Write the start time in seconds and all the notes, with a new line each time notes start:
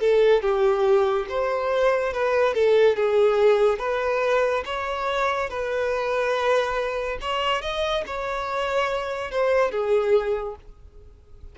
0.00 A4
0.41 G4
1.29 C5
2.13 B4
2.54 A4
2.96 G#4
3.79 B4
4.65 C#5
5.49 B4
7.21 C#5
7.61 D#5
8.06 C#5
9.31 C5
9.71 G#4